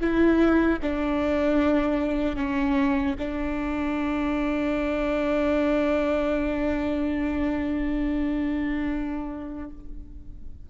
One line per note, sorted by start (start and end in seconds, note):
0.00 0.79 E4
0.82 2.36 D4
2.36 3.15 C#4
3.18 9.70 D4